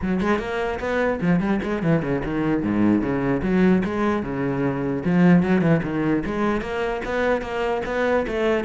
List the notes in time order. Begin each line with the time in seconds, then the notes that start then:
0.01 F#3
0.21 G#3
0.38 A#3
0.79 B3
1.21 F3
1.39 G3
1.63 G#3
1.82 E3
2.02 C#3
2.24 D#3
2.62 G#2
3.01 C#3
3.42 F#3
3.84 G#3
4.22 C#3
5.04 F3
5.43 F#3
5.61 E3
5.83 D#3
6.25 G#3
6.61 A#3
7.04 B3
7.41 A#3
7.85 B3
8.27 A3